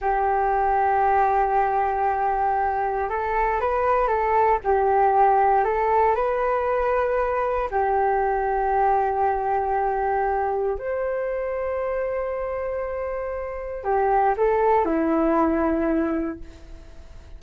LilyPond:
\new Staff \with { instrumentName = "flute" } { \time 4/4 \tempo 4 = 117 g'1~ | g'2 a'4 b'4 | a'4 g'2 a'4 | b'2. g'4~ |
g'1~ | g'4 c''2.~ | c''2. g'4 | a'4 e'2. | }